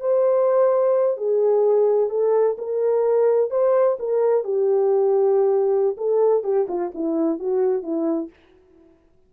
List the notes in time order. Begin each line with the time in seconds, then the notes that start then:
0.00 C5
1.17 G#4
2.10 A4
2.58 A#4
3.50 C5
3.99 A#4
4.44 G4
5.97 A4
6.43 G4
6.68 F4
6.94 E4
7.39 F#4
7.83 E4